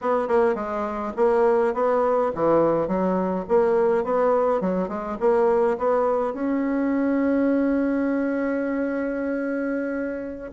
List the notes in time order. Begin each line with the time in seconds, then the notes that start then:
0.01 B3
0.27 A#3
0.55 G#3
1.16 A#3
1.74 B3
2.34 E3
2.87 F#3
3.48 A#3
4.04 B3
4.60 F#3
4.88 G#3
5.19 A#3
5.78 B3
6.33 C#4